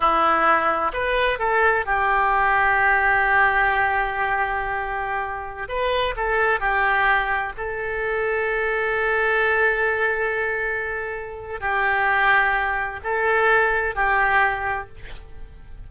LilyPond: \new Staff \with { instrumentName = "oboe" } { \time 4/4 \tempo 4 = 129 e'2 b'4 a'4 | g'1~ | g'1~ | g'16 b'4 a'4 g'4.~ g'16~ |
g'16 a'2.~ a'8.~ | a'1~ | a'4 g'2. | a'2 g'2 | }